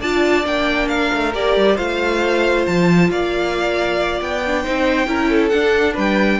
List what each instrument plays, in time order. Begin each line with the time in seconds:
0.00 cello D4, viola F4, violin D5 A5
0.44 cello A#3, viola D4, violin G5
0.88 violin A#4 F5
1.14 cello A3
1.34 cello A#3, viola G4, violin D5
1.56 cello G3
1.75 cello A3, viola F4, violin C5 F5
2.66 cello F3, violin A5
3.10 cello A#3, violin D5 F5
4.21 cello B3, violin G5
4.46 viola D4
4.63 cello C4, viola D#4, violin C5
5.07 cello C#4, viola E4, violin A#4
5.29 violin A4
5.49 viola D4, cello D4, violin F#5
5.94 cello G3, violin B4 G5